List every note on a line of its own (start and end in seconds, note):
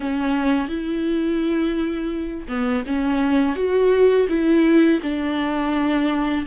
0.00 0.68 C#4
0.68 2.47 E4
2.48 2.83 B3
2.86 3.55 C#4
3.55 4.27 F#4
4.29 5.00 E4
5.02 6.45 D4